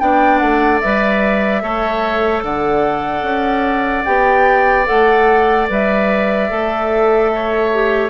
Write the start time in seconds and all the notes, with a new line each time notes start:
0.00 B3 D4 D5 G5
0.38 A3 F#5
0.81 G3 B4 E5
1.62 A3 A4 C#5
2.43 D3 D5 F#5
3.22 C#4
4.05 B3 G4 G5
4.85 A3 A4 F#5
5.69 G3 B4 E5
6.50 A3 A4
7.35 C#5
7.73 G4